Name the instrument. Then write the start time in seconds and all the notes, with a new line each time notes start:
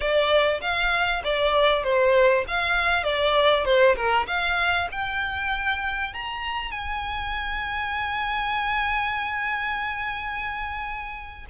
violin
0.00 D5
0.61 F5
1.24 D5
1.83 C5
2.47 F5
3.03 D5
3.65 C5
3.95 A#4
4.27 F5
4.91 G5
6.13 A#5
6.71 G#5